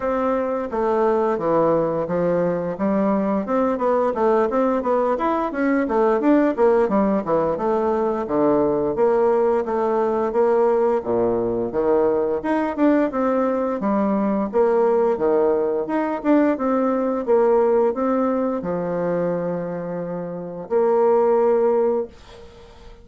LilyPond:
\new Staff \with { instrumentName = "bassoon" } { \time 4/4 \tempo 4 = 87 c'4 a4 e4 f4 | g4 c'8 b8 a8 c'8 b8 e'8 | cis'8 a8 d'8 ais8 g8 e8 a4 | d4 ais4 a4 ais4 |
ais,4 dis4 dis'8 d'8 c'4 | g4 ais4 dis4 dis'8 d'8 | c'4 ais4 c'4 f4~ | f2 ais2 | }